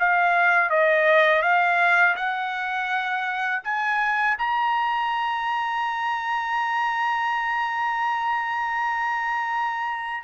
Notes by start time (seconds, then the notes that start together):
0.00 F5
0.70 D#5
1.43 F5
2.16 F#5
3.64 G#5
4.39 A#5